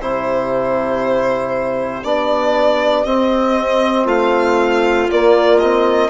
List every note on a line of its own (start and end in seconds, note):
0.00 2.03 C3
0.00 2.04 E4
0.00 4.05 G4
0.00 2.04 C5
2.03 3.05 B3
2.03 3.06 D4
2.03 3.05 D5
3.05 4.06 C4
3.05 5.09 C4
3.05 4.07 D#5
4.05 5.07 A3
4.05 6.08 F4
4.05 5.10 F5
5.09 5.60 A#3
5.09 6.10 A#3
5.09 5.59 D5
5.59 6.10 C4
5.59 6.10 D#5